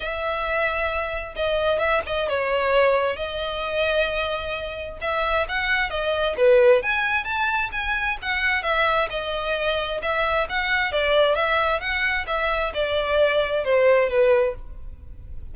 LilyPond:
\new Staff \with { instrumentName = "violin" } { \time 4/4 \tempo 4 = 132 e''2. dis''4 | e''8 dis''8 cis''2 dis''4~ | dis''2. e''4 | fis''4 dis''4 b'4 gis''4 |
a''4 gis''4 fis''4 e''4 | dis''2 e''4 fis''4 | d''4 e''4 fis''4 e''4 | d''2 c''4 b'4 | }